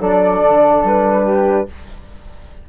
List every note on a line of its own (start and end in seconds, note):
0.00 0.42 F#3
0.00 1.68 D4
0.00 1.24 A4
0.00 0.84 D5
0.42 0.83 D3
0.83 1.67 G3
0.83 1.69 B4
1.24 1.66 G4